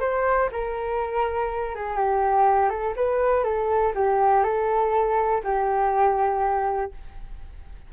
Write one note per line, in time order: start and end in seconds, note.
0.00 0.49 C5
0.52 1.75 A#4
1.75 1.96 G#4
1.96 2.69 G4
2.69 2.94 A4
2.96 3.44 B4
3.44 3.93 A4
3.95 4.43 G4
4.43 5.42 A4
5.43 6.91 G4